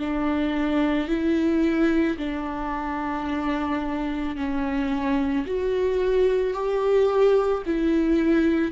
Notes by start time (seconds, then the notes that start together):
0.00 D4
1.09 E4
2.18 D4
4.36 C#4
5.46 F#4
6.54 G4
7.66 E4